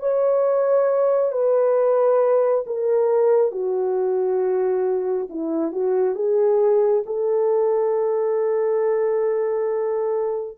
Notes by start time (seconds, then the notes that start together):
0.00 C#5
1.32 B4
2.67 A#4
3.52 F#4
5.29 E4
5.72 F#4
6.15 G#4
7.06 A4